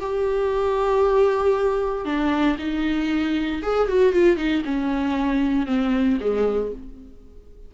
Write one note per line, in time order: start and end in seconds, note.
0.00 2.05 G4
2.05 2.57 D4
2.58 3.62 D#4
3.62 3.88 G#4
3.88 4.13 F#4
4.13 4.37 F4
4.37 4.62 D#4
4.65 5.66 C#4
5.66 6.18 C4
6.20 6.72 G#3